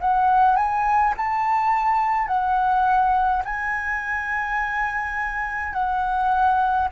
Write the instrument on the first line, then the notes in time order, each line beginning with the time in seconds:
flute
0.00 F#5
0.56 G#5
1.16 A5
2.27 F#5
3.45 G#5
5.72 F#5